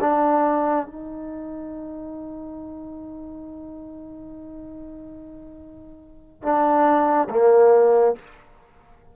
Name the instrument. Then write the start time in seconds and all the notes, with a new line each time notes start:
trombone
0.00 D4
0.86 D#4
6.42 D4
7.29 A#3